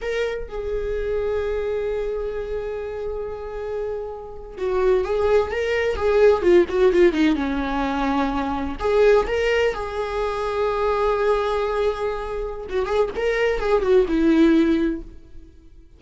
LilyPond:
\new Staff \with { instrumentName = "viola" } { \time 4/4 \tempo 4 = 128 ais'4 gis'2.~ | gis'1~ | gis'4.~ gis'16 fis'4 gis'4 ais'16~ | ais'8. gis'4 f'8 fis'8 f'8 dis'8 cis'16~ |
cis'2~ cis'8. gis'4 ais'16~ | ais'8. gis'2.~ gis'16~ | gis'2. fis'8 gis'8 | ais'4 gis'8 fis'8 e'2 | }